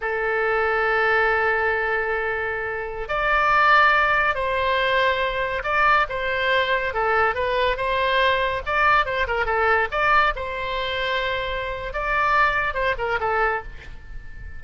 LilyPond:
\new Staff \with { instrumentName = "oboe" } { \time 4/4 \tempo 4 = 141 a'1~ | a'2.~ a'16 d''8.~ | d''2~ d''16 c''4.~ c''16~ | c''4~ c''16 d''4 c''4.~ c''16~ |
c''16 a'4 b'4 c''4.~ c''16~ | c''16 d''4 c''8 ais'8 a'4 d''8.~ | d''16 c''2.~ c''8. | d''2 c''8 ais'8 a'4 | }